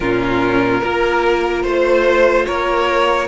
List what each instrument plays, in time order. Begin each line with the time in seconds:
0.00 cello A#2, viola C#4, violin F4 A#4
0.81 cello A#3, viola F4, violin A#4
1.62 cello A3, violin C5
2.46 cello A#3, violin A#4 C#5